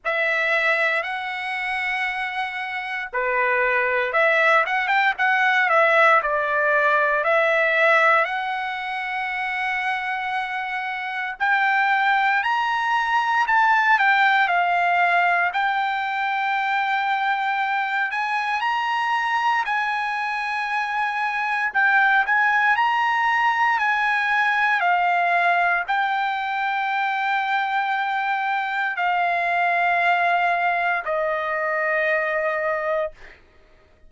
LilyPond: \new Staff \with { instrumentName = "trumpet" } { \time 4/4 \tempo 4 = 58 e''4 fis''2 b'4 | e''8 fis''16 g''16 fis''8 e''8 d''4 e''4 | fis''2. g''4 | ais''4 a''8 g''8 f''4 g''4~ |
g''4. gis''8 ais''4 gis''4~ | gis''4 g''8 gis''8 ais''4 gis''4 | f''4 g''2. | f''2 dis''2 | }